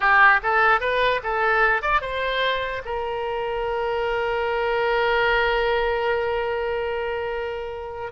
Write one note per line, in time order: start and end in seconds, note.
0.00 0.40 G4
0.42 0.80 A4
0.80 1.20 B4
1.23 1.82 A4
1.82 2.01 D5
2.01 2.82 C5
2.85 8.12 A#4